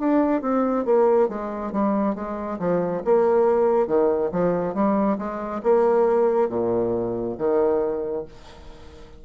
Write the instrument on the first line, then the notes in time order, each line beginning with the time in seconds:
bassoon
0.00 D4
0.42 C4
0.85 A#3
1.29 G#3
1.72 G3
2.16 G#3
2.60 F3
3.05 A#3
3.87 D#3
4.32 F3
4.75 G3
5.19 G#3
5.64 A#3
6.50 A#2
7.38 D#3